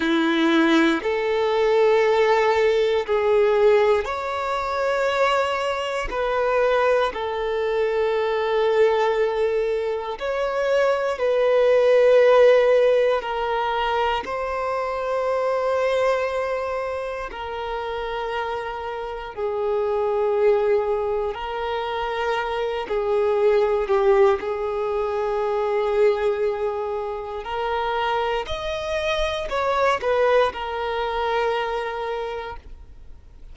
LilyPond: \new Staff \with { instrumentName = "violin" } { \time 4/4 \tempo 4 = 59 e'4 a'2 gis'4 | cis''2 b'4 a'4~ | a'2 cis''4 b'4~ | b'4 ais'4 c''2~ |
c''4 ais'2 gis'4~ | gis'4 ais'4. gis'4 g'8 | gis'2. ais'4 | dis''4 cis''8 b'8 ais'2 | }